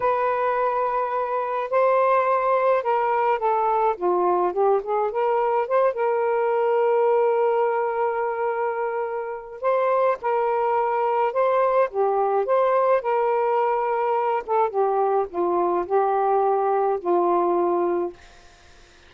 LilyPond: \new Staff \with { instrumentName = "saxophone" } { \time 4/4 \tempo 4 = 106 b'2. c''4~ | c''4 ais'4 a'4 f'4 | g'8 gis'8 ais'4 c''8 ais'4.~ | ais'1~ |
ais'4 c''4 ais'2 | c''4 g'4 c''4 ais'4~ | ais'4. a'8 g'4 f'4 | g'2 f'2 | }